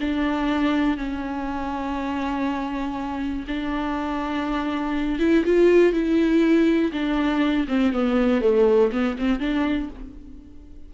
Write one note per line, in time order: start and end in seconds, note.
0.00 0.97 D4
0.97 3.45 C#4
3.47 5.19 D4
5.19 5.44 E4
5.45 5.92 F4
5.92 6.92 E4
6.92 7.67 D4
7.68 7.92 C4
7.92 8.41 B3
8.41 8.91 A3
8.92 9.16 B3
9.18 9.39 C4
9.39 9.89 D4